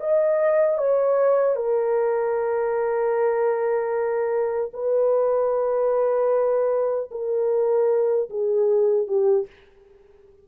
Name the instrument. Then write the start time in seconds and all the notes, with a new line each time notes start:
horn
0.00 D#5
0.78 C#5
1.55 A#4
4.73 B4
7.11 A#4
8.29 G#4
9.07 G4